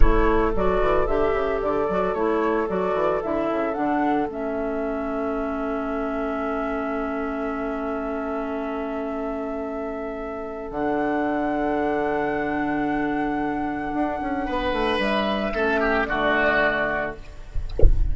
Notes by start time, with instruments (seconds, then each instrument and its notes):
0.00 bassoon A3, clarinet E4, oboe A4, flute C#5
0.55 bassoon F#3, clarinet F#4, flute D5
0.80 bassoon E3
1.06 bassoon D3, clarinet G4, flute E5
1.32 bassoon C#3
1.61 bassoon D3, flute D5
1.89 bassoon F#3, clarinet F#4
2.14 bassoon A3, clarinet E4, flute C#5
2.67 bassoon F#3, clarinet F#4, flute D5
2.93 bassoon E3
3.22 bassoon D3, clarinet E4, flute E5
3.50 bassoon C#3
3.73 bassoon D3, clarinet D4, flute F#5
4.27 bassoon A3, clarinet C#4, flute E5
10.70 bassoon D3, clarinet D4, flute F#5
13.93 bassoon D4
14.20 bassoon C#4
14.45 bassoon B3, oboe B4
14.71 bassoon A3
14.98 bassoon G3, flute E5
15.54 bassoon A3, clarinet C#4, oboe A4
15.79 oboe G4
16.04 bassoon D3, clarinet A3, oboe F#4, flute D5